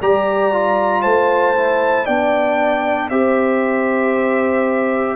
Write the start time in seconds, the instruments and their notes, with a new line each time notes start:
0.00 tuba G3, trombone G4, horn D5, trumpet A#5
0.52 trombone F4
1.02 tuba A3, horn C5, trumpet A5
1.56 trombone E4
2.05 tuba B3, trombone D4, horn D5, trumpet G5
3.09 tuba C4, trombone G4, horn C5, trumpet E5